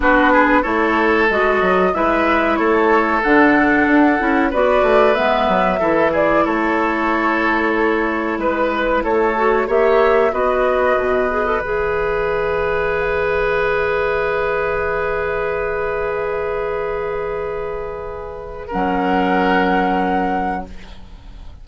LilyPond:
<<
  \new Staff \with { instrumentName = "flute" } { \time 4/4 \tempo 4 = 93 b'4 cis''4 dis''4 e''4 | cis''4 fis''2 d''4 | e''4. d''8 cis''2~ | cis''4 b'4 cis''4 e''4 |
dis''2 e''2~ | e''1~ | e''1~ | e''4 fis''2. | }
  \new Staff \with { instrumentName = "oboe" } { \time 4/4 fis'8 gis'8 a'2 b'4 | a'2. b'4~ | b'4 a'8 gis'8 a'2~ | a'4 b'4 a'4 cis''4 |
b'1~ | b'1~ | b'1~ | b'4 ais'2. | }
  \new Staff \with { instrumentName = "clarinet" } { \time 4/4 d'4 e'4 fis'4 e'4~ | e'4 d'4. e'8 fis'4 | b4 e'2.~ | e'2~ e'8 fis'8 g'4 |
fis'4. gis'16 a'16 gis'2~ | gis'1~ | gis'1~ | gis'4 cis'2. | }
  \new Staff \with { instrumentName = "bassoon" } { \time 4/4 b4 a4 gis8 fis8 gis4 | a4 d4 d'8 cis'8 b8 a8 | gis8 fis8 e4 a2~ | a4 gis4 a4 ais4 |
b4 b,4 e2~ | e1~ | e1~ | e4 fis2. | }
>>